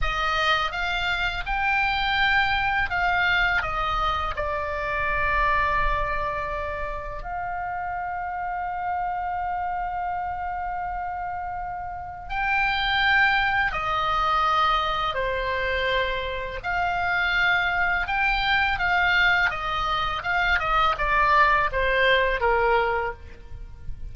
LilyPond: \new Staff \with { instrumentName = "oboe" } { \time 4/4 \tempo 4 = 83 dis''4 f''4 g''2 | f''4 dis''4 d''2~ | d''2 f''2~ | f''1~ |
f''4 g''2 dis''4~ | dis''4 c''2 f''4~ | f''4 g''4 f''4 dis''4 | f''8 dis''8 d''4 c''4 ais'4 | }